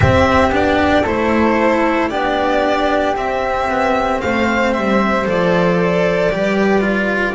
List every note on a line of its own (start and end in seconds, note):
0.00 0.49 C4
0.00 0.51 C4
0.00 1.02 G4
0.00 0.52 E5
0.49 1.01 B3
0.49 1.04 D4
0.49 1.05 D5
1.02 2.11 A3
1.02 2.10 E4
1.02 2.07 A4
1.02 2.09 C5
2.09 3.15 B3
2.09 3.15 D4
2.09 4.21 G4
2.09 3.14 D5
3.15 3.68 C4
3.15 5.25 C4
3.15 4.20 E5
3.68 4.21 B3
4.20 4.75 A3
4.20 6.33 C5
4.20 4.73 F5
4.73 5.25 G3
4.73 5.25 E5
5.25 6.31 F3
5.25 6.30 A4
5.25 7.34 D5
6.32 7.34 G3
6.32 6.80 G4
6.32 7.34 B4
6.80 7.33 F4